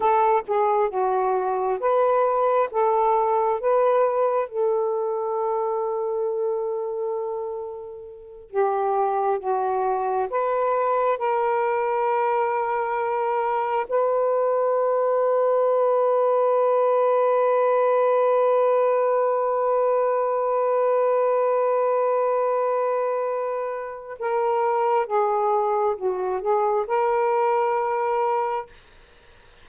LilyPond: \new Staff \with { instrumentName = "saxophone" } { \time 4/4 \tempo 4 = 67 a'8 gis'8 fis'4 b'4 a'4 | b'4 a'2.~ | a'4. g'4 fis'4 b'8~ | b'8 ais'2. b'8~ |
b'1~ | b'1~ | b'2. ais'4 | gis'4 fis'8 gis'8 ais'2 | }